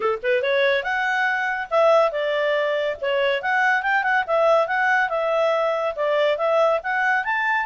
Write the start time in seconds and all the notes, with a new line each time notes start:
0.00 A4
0.22 B4
0.42 C#5
0.83 F#5
1.70 E5
2.11 D5
3.01 C#5
3.42 F#5
3.82 G5
4.03 F#5
4.26 E5
4.67 F#5
5.09 E5
5.95 D5
6.37 E5
6.83 F#5
7.24 A5